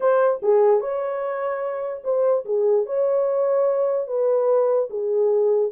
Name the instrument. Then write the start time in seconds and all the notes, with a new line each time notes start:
horn
0.00 C5
0.42 G#4
0.80 C#5
2.04 C5
2.45 G#4
2.86 C#5
4.07 B4
4.90 G#4